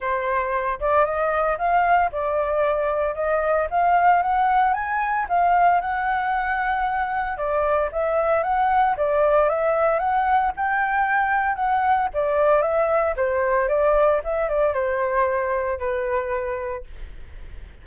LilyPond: \new Staff \with { instrumentName = "flute" } { \time 4/4 \tempo 4 = 114 c''4. d''8 dis''4 f''4 | d''2 dis''4 f''4 | fis''4 gis''4 f''4 fis''4~ | fis''2 d''4 e''4 |
fis''4 d''4 e''4 fis''4 | g''2 fis''4 d''4 | e''4 c''4 d''4 e''8 d''8 | c''2 b'2 | }